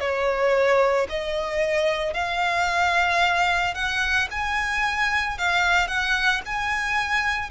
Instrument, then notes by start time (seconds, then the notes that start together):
violin
0.00 C#5
1.09 D#5
2.13 F5
3.74 F#5
4.31 G#5
5.38 F5
5.87 F#5
6.45 G#5